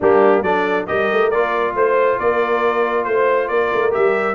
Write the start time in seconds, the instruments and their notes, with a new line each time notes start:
0.00 tuba G3, trombone A#3, horn D4, trumpet G4
0.42 tuba F#3, trombone D4, horn A4, trumpet D5
0.87 tuba G3, trombone G4, horn A#4, trumpet D#5
1.12 tuba A3
1.30 tuba A#3, trombone F4, trumpet D5
1.75 tuba A3, horn C5, trumpet C5
2.19 tuba A#3, horn A#4, trumpet D5
3.04 tuba A3, trumpet C5, horn C5
3.48 tuba A#3, horn A#4, trumpet D5
3.73 tuba A3
3.91 tuba G3, trombone G4, trumpet E5